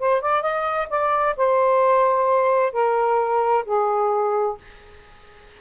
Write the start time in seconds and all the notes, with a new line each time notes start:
0.00 C5
0.22 D5
0.42 D#5
0.90 D5
1.37 C5
2.73 A#4
3.66 G#4